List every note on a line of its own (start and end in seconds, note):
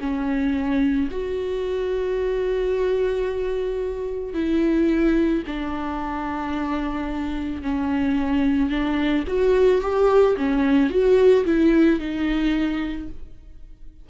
0.00 1.09 C#4
1.11 4.34 F#4
4.34 5.43 E4
5.47 7.63 D4
7.63 8.70 C#4
8.70 9.24 D4
9.28 9.82 F#4
9.82 10.36 G4
10.37 10.90 C#4
10.90 11.45 F#4
11.45 12.00 E4
12.00 13.09 D#4